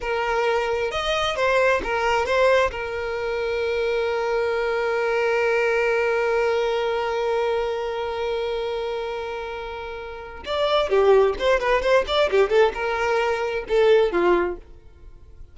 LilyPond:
\new Staff \with { instrumentName = "violin" } { \time 4/4 \tempo 4 = 132 ais'2 dis''4 c''4 | ais'4 c''4 ais'2~ | ais'1~ | ais'1~ |
ais'1~ | ais'2. d''4 | g'4 c''8 b'8 c''8 d''8 g'8 a'8 | ais'2 a'4 f'4 | }